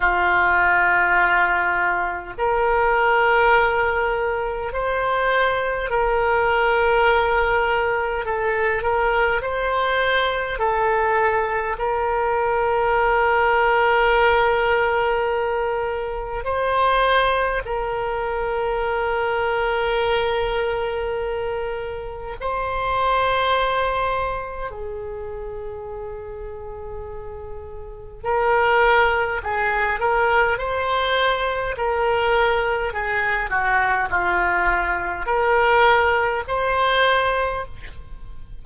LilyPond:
\new Staff \with { instrumentName = "oboe" } { \time 4/4 \tempo 4 = 51 f'2 ais'2 | c''4 ais'2 a'8 ais'8 | c''4 a'4 ais'2~ | ais'2 c''4 ais'4~ |
ais'2. c''4~ | c''4 gis'2. | ais'4 gis'8 ais'8 c''4 ais'4 | gis'8 fis'8 f'4 ais'4 c''4 | }